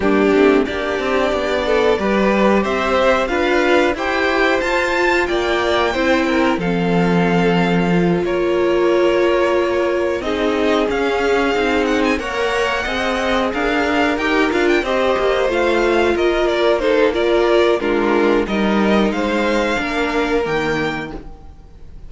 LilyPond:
<<
  \new Staff \with { instrumentName = "violin" } { \time 4/4 \tempo 4 = 91 g'4 d''2. | e''4 f''4 g''4 a''4 | g''2 f''2~ | f''8 cis''2. dis''8~ |
dis''8 f''4. fis''16 gis''16 fis''4.~ | fis''8 f''4 g''8 f''16 g''16 dis''4 f''8~ | f''8 dis''8 d''8 c''8 d''4 ais'4 | dis''4 f''2 g''4 | }
  \new Staff \with { instrumentName = "violin" } { \time 4/4 d'4 g'4. a'8 b'4 | c''4 b'4 c''2 | d''4 c''8 ais'8 a'2~ | a'8 ais'2. gis'8~ |
gis'2~ gis'8 cis''4 dis''8~ | dis''8 ais'2 c''4.~ | c''8 ais'4 a'8 ais'4 f'4 | ais'4 c''4 ais'2 | }
  \new Staff \with { instrumentName = "viola" } { \time 4/4 ais8 c'8 d'2 g'4~ | g'4 f'4 g'4 f'4~ | f'4 e'4 c'2 | f'2.~ f'8 dis'8~ |
dis'8 cis'4 dis'4 ais'4 gis'8~ | gis'4. g'8 f'8 g'4 f'8~ | f'4. dis'8 f'4 d'4 | dis'2 d'4 ais4 | }
  \new Staff \with { instrumentName = "cello" } { \time 4/4 g8 a8 ais8 c'8 b4 g4 | c'4 d'4 e'4 f'4 | ais4 c'4 f2~ | f8 ais2. c'8~ |
c'8 cis'4 c'4 ais4 c'8~ | c'8 d'4 dis'8 d'8 c'8 ais8 a8~ | a8 ais2~ ais8 gis4 | g4 gis4 ais4 dis4 | }
>>